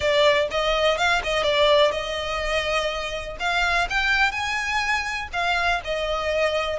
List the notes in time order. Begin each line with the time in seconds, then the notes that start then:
0.00 D5
0.50 D#5
0.97 F5
1.23 D#5
1.43 D5
1.91 D#5
3.39 F5
3.89 G5
4.31 G#5
5.32 F5
5.84 D#5